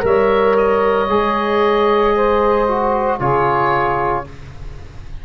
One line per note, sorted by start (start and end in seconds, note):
0.00 1.09 G3
0.00 1.05 A#4
0.00 2.15 C#5
0.00 0.57 E5
0.57 3.20 D#5
1.09 3.20 G#3
1.09 2.67 G#4
2.15 3.19 C5
2.68 3.20 F#4
3.19 4.25 C#3
3.19 4.25 F4
3.19 4.24 G#4
3.19 4.25 C#5